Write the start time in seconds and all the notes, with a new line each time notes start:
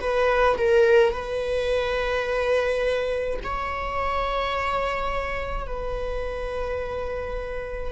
0.00 B4
0.57 A#4
1.13 B4
3.43 C#5
5.67 B4